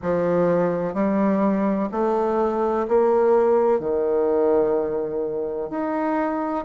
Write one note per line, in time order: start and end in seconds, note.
0.02 0.94 F3
0.94 1.89 G3
1.91 2.87 A3
2.88 3.79 A#3
3.79 5.70 D#3
5.70 6.65 D#4